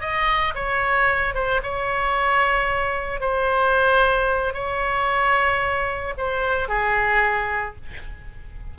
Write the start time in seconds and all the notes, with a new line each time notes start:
0.00 D#5
0.55 C#5
1.34 C5
1.62 C#5
3.20 C5
4.53 C#5
6.17 C5
6.68 G#4